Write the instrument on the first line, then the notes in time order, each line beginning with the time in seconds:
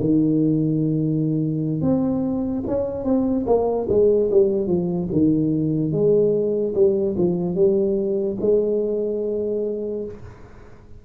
tuba
0.00 D#3
1.81 C4
2.67 C#4
3.04 C4
3.46 A#3
3.89 G#3
4.31 G3
4.67 F3
5.12 D#3
5.92 G#3
6.74 G3
7.17 F3
7.55 G3
8.41 G#3